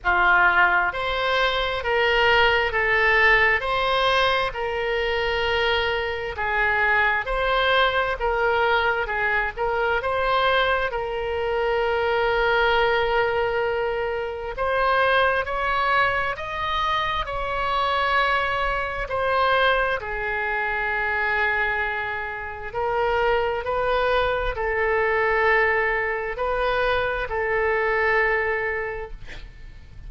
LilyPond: \new Staff \with { instrumentName = "oboe" } { \time 4/4 \tempo 4 = 66 f'4 c''4 ais'4 a'4 | c''4 ais'2 gis'4 | c''4 ais'4 gis'8 ais'8 c''4 | ais'1 |
c''4 cis''4 dis''4 cis''4~ | cis''4 c''4 gis'2~ | gis'4 ais'4 b'4 a'4~ | a'4 b'4 a'2 | }